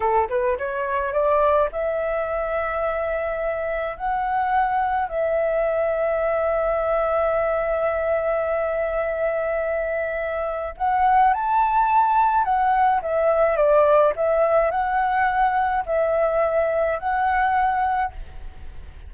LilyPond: \new Staff \with { instrumentName = "flute" } { \time 4/4 \tempo 4 = 106 a'8 b'8 cis''4 d''4 e''4~ | e''2. fis''4~ | fis''4 e''2.~ | e''1~ |
e''2. fis''4 | a''2 fis''4 e''4 | d''4 e''4 fis''2 | e''2 fis''2 | }